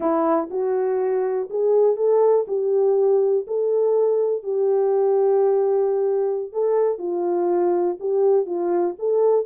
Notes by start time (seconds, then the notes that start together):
0.00 E4
0.50 F#4
1.50 G#4
1.96 A4
2.47 G4
3.47 A4
4.43 G4
6.52 A4
6.98 F4
7.99 G4
8.46 F4
8.99 A4